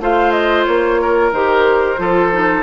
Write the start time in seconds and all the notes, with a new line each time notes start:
0.00 A3 F4 C5 F5
0.31 D#5
0.65 A#3 C#5
1.01 A#4
1.32 D#3 G4 C5
1.97 F3 F4 A4
2.32 D#4